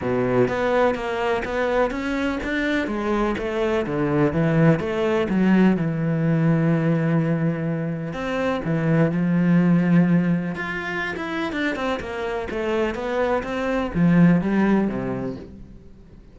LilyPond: \new Staff \with { instrumentName = "cello" } { \time 4/4 \tempo 4 = 125 b,4 b4 ais4 b4 | cis'4 d'4 gis4 a4 | d4 e4 a4 fis4 | e1~ |
e4 c'4 e4 f4~ | f2 f'4~ f'16 e'8. | d'8 c'8 ais4 a4 b4 | c'4 f4 g4 c4 | }